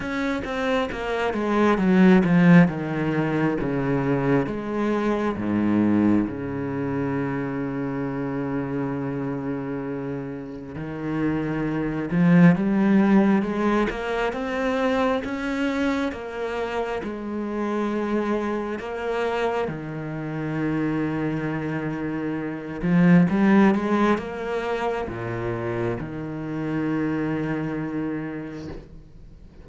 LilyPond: \new Staff \with { instrumentName = "cello" } { \time 4/4 \tempo 4 = 67 cis'8 c'8 ais8 gis8 fis8 f8 dis4 | cis4 gis4 gis,4 cis4~ | cis1 | dis4. f8 g4 gis8 ais8 |
c'4 cis'4 ais4 gis4~ | gis4 ais4 dis2~ | dis4. f8 g8 gis8 ais4 | ais,4 dis2. | }